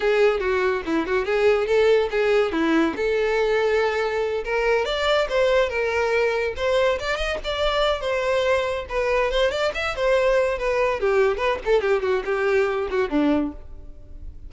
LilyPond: \new Staff \with { instrumentName = "violin" } { \time 4/4 \tempo 4 = 142 gis'4 fis'4 e'8 fis'8 gis'4 | a'4 gis'4 e'4 a'4~ | a'2~ a'8 ais'4 d''8~ | d''8 c''4 ais'2 c''8~ |
c''8 d''8 dis''8 d''4. c''4~ | c''4 b'4 c''8 d''8 e''8 c''8~ | c''4 b'4 g'4 b'8 a'8 | g'8 fis'8 g'4. fis'8 d'4 | }